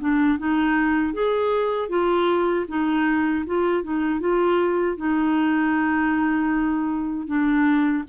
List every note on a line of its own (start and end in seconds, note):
0.00 0.38 D4
0.39 1.13 D#4
1.13 1.89 G#4
1.89 2.66 F4
2.68 3.45 D#4
3.46 3.84 F4
3.84 4.20 D#4
4.20 4.97 F4
4.97 7.27 D#4
7.27 8.04 D4